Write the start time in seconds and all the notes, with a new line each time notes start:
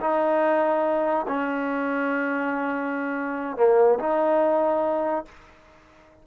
0.00 D#4
1.27 C#4
3.56 A#3
3.99 D#4